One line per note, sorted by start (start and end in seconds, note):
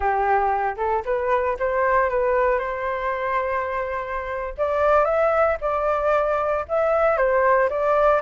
0.00 0.76 G4
0.77 1.03 A4
1.05 1.57 B4
1.59 2.09 C5
2.09 2.58 B4
2.58 4.54 C5
4.57 5.05 D5
5.05 5.57 E5
5.61 6.65 D5
6.68 7.17 E5
7.17 7.69 C5
7.69 8.21 D5